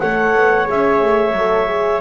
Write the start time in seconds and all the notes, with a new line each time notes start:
0.00 A3 A4 C#5 F#5
0.35 B3
0.65 G#4 E5
0.71 C#4
1.02 A3
1.32 F#3 A4
1.68 G#4